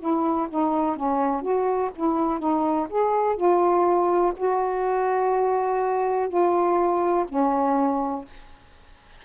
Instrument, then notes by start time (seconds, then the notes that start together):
saxophone
0.00 E4
0.50 D#4
0.97 C#4
1.42 F#4
1.96 E4
2.39 D#4
2.90 G#4
3.37 F4
4.37 F#4
6.29 F4
7.29 C#4